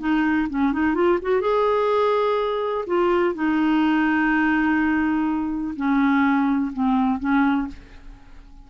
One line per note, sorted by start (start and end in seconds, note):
0.00 0.48 D#4
0.50 0.73 C#4
0.73 0.95 D#4
0.95 1.19 F4
1.22 1.41 F#4
1.41 2.85 G#4
2.87 3.35 F4
3.35 5.75 D#4
5.77 6.73 C#4
6.73 7.20 C4
7.20 7.68 C#4